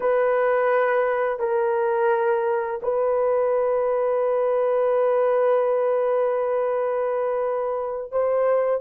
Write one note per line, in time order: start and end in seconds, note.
0.00 1.39 B4
1.39 2.80 A#4
2.82 8.11 B4
8.11 8.81 C5